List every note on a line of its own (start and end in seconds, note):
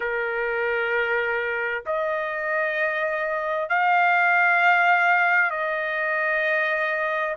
0.00 1.84 A#4
1.85 3.69 D#5
3.69 5.50 F5
5.50 7.35 D#5